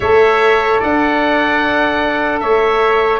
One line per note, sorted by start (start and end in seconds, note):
0.00 0.80 A3
0.00 3.20 A4
0.00 0.80 C#5
0.00 0.80 E5
0.80 2.42 D4
0.80 2.40 D5
0.80 2.40 F#5
2.40 3.20 A3
2.40 3.20 C#5
2.40 3.20 E5